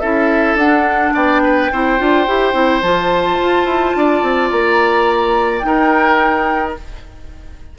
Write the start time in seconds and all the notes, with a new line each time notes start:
0.00 C#4 E4 A4 E5
0.55 D4 F#5
1.14 B3 D5 G5
1.44 B4
1.72 C4 E4 C5
1.98 D4 F4
2.27 E4 G4
2.54 C4 E4
2.82 F3 F4 A5
3.41 F4
3.65 E4
3.96 D4 D5
4.23 C4
4.51 A#3 A#5
5.59 D#4 G5
5.67 A#4